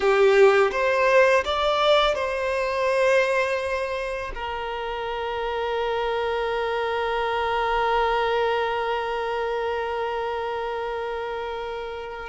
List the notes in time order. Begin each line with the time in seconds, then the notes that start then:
0.00 G4
0.71 C5
1.45 D5
2.14 C5
4.34 A#4